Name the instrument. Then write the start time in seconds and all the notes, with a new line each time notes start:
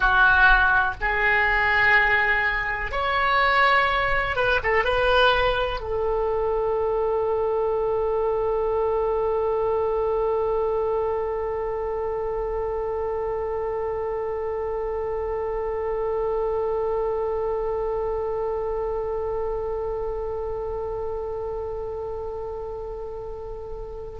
oboe
0.00 F#4
1.00 G#4
2.91 C#5
4.35 B4
4.63 A4
4.84 B4
5.80 A4